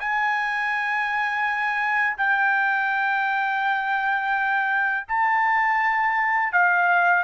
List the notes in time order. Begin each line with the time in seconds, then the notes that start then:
0.00 G#5
2.18 G5
5.08 A5
6.53 F5